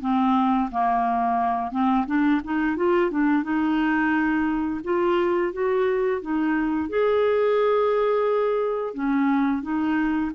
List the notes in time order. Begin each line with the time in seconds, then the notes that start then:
0.00 C4
0.71 A#3
1.71 C4
2.06 D4
2.44 D#4
2.76 F4
3.11 D4
3.43 D#4
4.84 F4
5.53 F#4
6.21 D#4
6.89 G#4
8.93 C#4
9.62 D#4